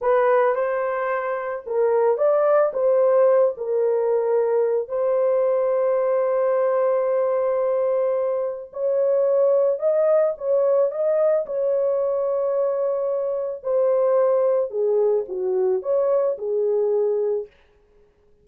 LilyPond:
\new Staff \with { instrumentName = "horn" } { \time 4/4 \tempo 4 = 110 b'4 c''2 ais'4 | d''4 c''4. ais'4.~ | ais'4 c''2.~ | c''1 |
cis''2 dis''4 cis''4 | dis''4 cis''2.~ | cis''4 c''2 gis'4 | fis'4 cis''4 gis'2 | }